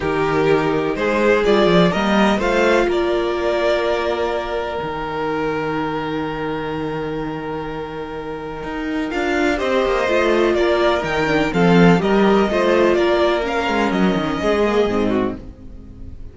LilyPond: <<
  \new Staff \with { instrumentName = "violin" } { \time 4/4 \tempo 4 = 125 ais'2 c''4 d''4 | dis''4 f''4 d''2~ | d''2 g''2~ | g''1~ |
g''2. f''4 | dis''2 d''4 g''4 | f''4 dis''2 d''4 | f''4 dis''2. | }
  \new Staff \with { instrumentName = "violin" } { \time 4/4 g'2 gis'2 | ais'4 c''4 ais'2~ | ais'1~ | ais'1~ |
ais'1 | c''2 ais'2 | a'4 ais'4 c''4 ais'4~ | ais'2 gis'4. fis'8 | }
  \new Staff \with { instrumentName = "viola" } { \time 4/4 dis'2. f'4 | ais4 f'2.~ | f'2 dis'2~ | dis'1~ |
dis'2. f'4 | g'4 f'2 dis'8 d'8 | c'4 g'4 f'2 | cis'2~ cis'8 ais8 c'4 | }
  \new Staff \with { instrumentName = "cello" } { \time 4/4 dis2 gis4 g8 f8 | g4 a4 ais2~ | ais2 dis2~ | dis1~ |
dis2 dis'4 d'4 | c'8 ais8 a4 ais4 dis4 | f4 g4 a4 ais4~ | ais8 gis8 fis8 dis8 gis4 gis,4 | }
>>